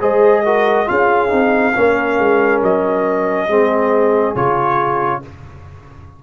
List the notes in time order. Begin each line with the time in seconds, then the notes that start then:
0.00 G#3 G#4 C5 D#5
0.45 F#4 A#4
0.86 C#4 F4 G#4 F5
1.29 C4 D#4
1.76 A#3 C#4 A#4
2.19 G#3
2.62 F#3 D#5
3.48 G#3 C4 G#4
4.35 C#3 F4 C#5